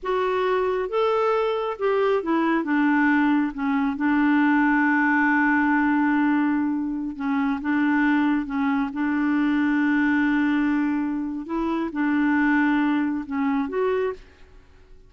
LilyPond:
\new Staff \with { instrumentName = "clarinet" } { \time 4/4 \tempo 4 = 136 fis'2 a'2 | g'4 e'4 d'2 | cis'4 d'2.~ | d'1~ |
d'16 cis'4 d'2 cis'8.~ | cis'16 d'2.~ d'8.~ | d'2 e'4 d'4~ | d'2 cis'4 fis'4 | }